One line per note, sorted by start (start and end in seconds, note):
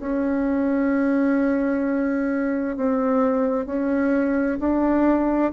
0.00 2.77 C#4
2.77 3.66 C4
3.66 4.59 C#4
4.60 5.52 D4